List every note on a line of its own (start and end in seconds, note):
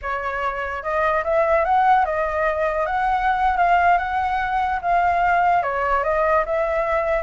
0.02 0.82 C#5
0.82 1.23 D#5
1.24 1.64 E5
1.64 2.05 F#5
2.05 2.86 D#5
2.86 3.57 F#5
3.57 3.97 F5
3.98 4.79 F#5
4.81 5.63 F5
5.63 6.03 C#5
6.03 6.44 D#5
6.45 7.23 E5